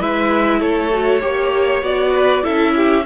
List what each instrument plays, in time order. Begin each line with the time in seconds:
0.00 cello G#3, viola E4, violin B4 E5
0.60 cello A3, violin A4 C#5
0.93 viola F#4
1.20 cello A#3, viola G4, violin C#5
1.82 cello B3, viola F#4, violin D5
2.12 violin B4
2.43 cello C#4, viola E4, violin A4 E5
2.76 violin G4